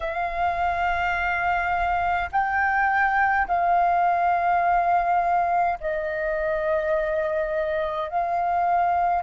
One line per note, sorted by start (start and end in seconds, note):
0.00 2.29 F5
2.31 3.47 G5
3.47 5.78 F5
5.80 8.09 D#5
8.09 9.23 F5